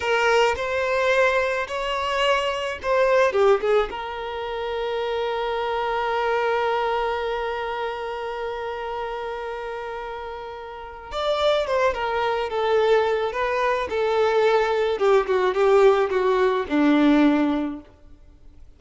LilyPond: \new Staff \with { instrumentName = "violin" } { \time 4/4 \tempo 4 = 108 ais'4 c''2 cis''4~ | cis''4 c''4 g'8 gis'8 ais'4~ | ais'1~ | ais'1~ |
ais'1 | d''4 c''8 ais'4 a'4. | b'4 a'2 g'8 fis'8 | g'4 fis'4 d'2 | }